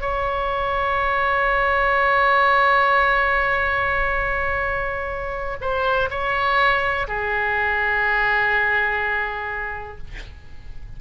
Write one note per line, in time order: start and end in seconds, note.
0.00 5.56 C#5
5.61 6.09 C5
6.10 7.07 C#5
7.07 9.98 G#4